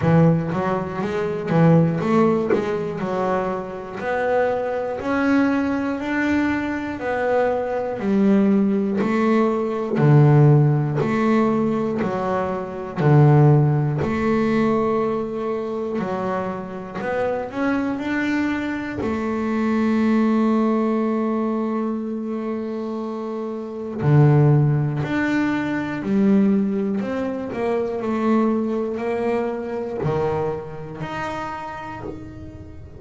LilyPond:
\new Staff \with { instrumentName = "double bass" } { \time 4/4 \tempo 4 = 60 e8 fis8 gis8 e8 a8 gis8 fis4 | b4 cis'4 d'4 b4 | g4 a4 d4 a4 | fis4 d4 a2 |
fis4 b8 cis'8 d'4 a4~ | a1 | d4 d'4 g4 c'8 ais8 | a4 ais4 dis4 dis'4 | }